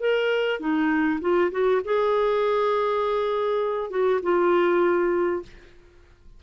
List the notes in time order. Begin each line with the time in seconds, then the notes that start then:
0.00 A#4
0.60 D#4
1.21 F4
1.51 F#4
1.85 G#4
3.90 F#4
4.23 F4